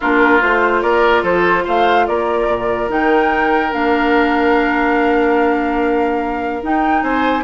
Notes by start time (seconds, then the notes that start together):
0.00 A#3 D4 F4 A#4
0.39 A3 F4 C5
0.82 A#3 A#4 D5
1.22 F3 A4 C5
1.64 A3 C5 F5
2.06 A#3 A#4 D5
2.47 A#2
2.88 D#3 D#4 G5
3.71 A#3 D4 F5
6.62 D#4 G5
7.02 C4 C5 G#5